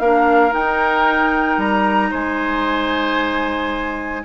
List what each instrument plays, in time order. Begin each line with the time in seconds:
0.00 bassoon A#3, clarinet D4, oboe A#4, flute F5
0.51 clarinet D#4, bassoon D#4, flute G5
1.58 bassoon G3, flute A#5
2.11 bassoon G#3, oboe C5, flute G#5